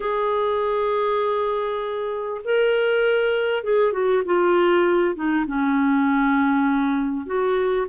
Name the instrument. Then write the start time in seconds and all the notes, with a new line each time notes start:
clarinet
0.00 G#4
2.44 A#4
3.63 G#4
3.92 F#4
4.25 F4
5.15 D#4
5.46 C#4
7.26 F#4